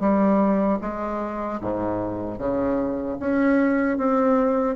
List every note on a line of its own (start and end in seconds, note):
0.00 0.79 G3
0.81 1.60 G#3
1.61 2.39 G#2
2.39 3.18 C#3
3.20 3.98 C#4
3.98 4.76 C4